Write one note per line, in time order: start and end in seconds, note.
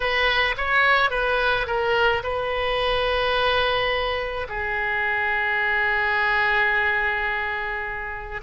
0.00 0.55 B4
0.57 1.10 C#5
1.10 1.66 B4
1.66 2.23 A#4
2.23 4.47 B4
4.48 8.41 G#4